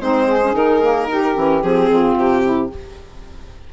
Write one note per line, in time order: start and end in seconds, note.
0.00 0.53 G#3
0.00 0.41 C4
0.00 0.26 D#4
0.00 0.55 C5
0.26 1.07 G#4
0.41 0.53 C#4
0.53 1.35 D#3
0.53 0.80 D#4
0.53 1.61 A#4
0.81 1.08 A#3
1.08 1.35 D#4
1.08 1.89 G4
1.35 1.63 E3
1.35 1.62 C#4
1.61 1.90 F3
1.61 2.70 C4
1.61 2.15 G#4
1.89 2.15 F2
1.89 2.43 F4
2.15 2.69 C3
2.15 2.72 G4
2.43 2.70 E4